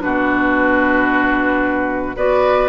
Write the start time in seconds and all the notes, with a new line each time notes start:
0.00 B2 D4 F#4 B4
2.16 B3 F#4 B4 D5